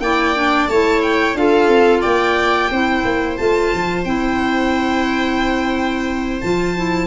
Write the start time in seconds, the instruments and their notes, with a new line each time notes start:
0.00 tuba A#3, clarinet E4, viola D5, violin G5
0.35 clarinet D4
0.68 tuba A3, clarinet E4, viola C#5, violin A5
1.03 violin G5
1.35 tuba D4, clarinet F4, viola A4, violin F5
1.68 tuba C4
2.01 tuba A#3, viola D5, violin G5
2.71 tuba C4, clarinet E4, viola C5
3.05 tuba A#3
3.37 tuba A3, clarinet F4, violin A5
3.74 tuba F3
4.04 tuba C4, clarinet E4, violin G5
6.41 tuba F3, clarinet F4, violin A5
6.77 clarinet E4